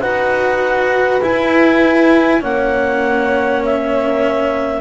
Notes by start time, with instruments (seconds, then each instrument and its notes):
0.00 double bass D#4, cello F#4, horn B4, clarinet F#5
1.22 cello E4, double bass E4, clarinet G#5
2.41 double bass A#3, cello C#4, horn C#5, clarinet F#5
3.65 clarinet E5